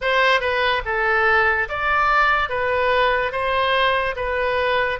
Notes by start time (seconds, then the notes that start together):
0.01 C5
0.40 B4
0.85 A4
1.69 D5
2.48 B4
3.31 C5
4.16 B4